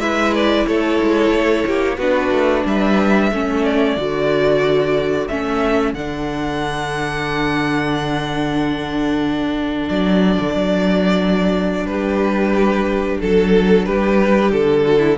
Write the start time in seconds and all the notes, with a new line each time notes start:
0.00 G#3 E4 B4 E5
0.35 D5
0.67 A3 A4 C#5
1.03 G#3
1.31 A3
1.67 A#3 G4
1.98 B3 D4 F#4 B4
2.31 A3
2.65 G3 B4 E5
3.32 A3 C#4 A4
3.65 D5
3.97 D3 F#4
5.28 A3 C#4 E5
5.93 D3 D4 F#5
9.89 F#3 D5
10.40 D3
10.54 F#3
11.86 G3 B4
11.92 G4
13.20 F#3 A4
13.85 G3 G4 B4
14.52 D3 A4
14.86 F#4
14.99 E4